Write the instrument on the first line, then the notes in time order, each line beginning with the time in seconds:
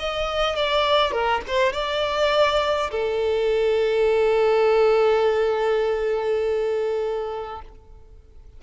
violin
0.00 D#5
0.56 D5
1.12 A#4
1.48 C5
1.73 D5
2.92 A4